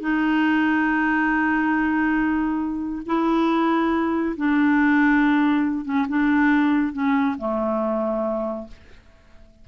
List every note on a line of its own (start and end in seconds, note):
0.00 3.02 D#4
3.06 4.36 E4
4.37 5.85 D4
5.85 6.06 C#4
6.09 6.93 D4
6.93 7.36 C#4
7.38 8.68 A3